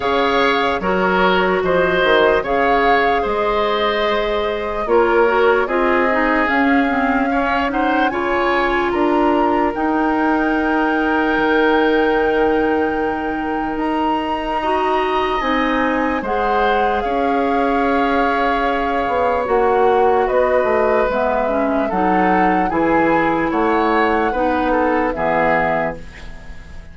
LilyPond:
<<
  \new Staff \with { instrumentName = "flute" } { \time 4/4 \tempo 4 = 74 f''4 cis''4 dis''4 f''4 | dis''2 cis''4 dis''4 | f''4. fis''8 gis''4 ais''4 | g''1~ |
g''4 ais''2 gis''4 | fis''4 f''2. | fis''4 dis''4 e''4 fis''4 | gis''4 fis''2 e''4 | }
  \new Staff \with { instrumentName = "oboe" } { \time 4/4 cis''4 ais'4 c''4 cis''4 | c''2 ais'4 gis'4~ | gis'4 cis''8 c''8 cis''4 ais'4~ | ais'1~ |
ais'2 dis''2 | c''4 cis''2.~ | cis''4 b'2 a'4 | gis'4 cis''4 b'8 a'8 gis'4 | }
  \new Staff \with { instrumentName = "clarinet" } { \time 4/4 gis'4 fis'2 gis'4~ | gis'2 f'8 fis'8 f'8 dis'8 | cis'8 c'8 cis'8 dis'8 f'2 | dis'1~ |
dis'2 fis'4 dis'4 | gis'1 | fis'2 b8 cis'8 dis'4 | e'2 dis'4 b4 | }
  \new Staff \with { instrumentName = "bassoon" } { \time 4/4 cis4 fis4 f8 dis8 cis4 | gis2 ais4 c'4 | cis'2 cis4 d'4 | dis'2 dis2~ |
dis4 dis'2 c'4 | gis4 cis'2~ cis'8 b8 | ais4 b8 a8 gis4 fis4 | e4 a4 b4 e4 | }
>>